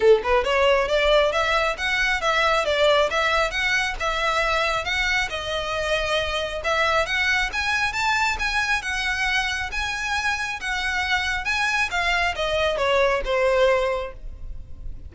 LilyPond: \new Staff \with { instrumentName = "violin" } { \time 4/4 \tempo 4 = 136 a'8 b'8 cis''4 d''4 e''4 | fis''4 e''4 d''4 e''4 | fis''4 e''2 fis''4 | dis''2. e''4 |
fis''4 gis''4 a''4 gis''4 | fis''2 gis''2 | fis''2 gis''4 f''4 | dis''4 cis''4 c''2 | }